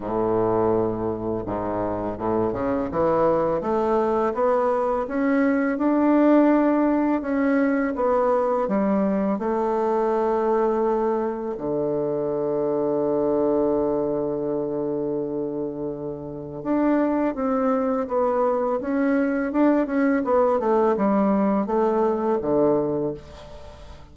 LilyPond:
\new Staff \with { instrumentName = "bassoon" } { \time 4/4 \tempo 4 = 83 a,2 gis,4 a,8 cis8 | e4 a4 b4 cis'4 | d'2 cis'4 b4 | g4 a2. |
d1~ | d2. d'4 | c'4 b4 cis'4 d'8 cis'8 | b8 a8 g4 a4 d4 | }